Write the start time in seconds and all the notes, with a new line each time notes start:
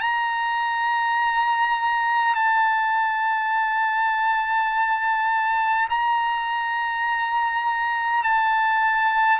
0.00 A#5
2.35 A5
5.89 A#5
8.24 A5